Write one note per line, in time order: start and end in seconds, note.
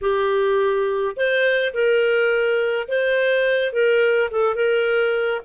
0.01 1.15 G4
1.16 1.73 C5
1.73 2.87 A#4
2.88 3.72 C5
3.72 4.30 A#4
4.30 4.55 A4
4.55 5.41 A#4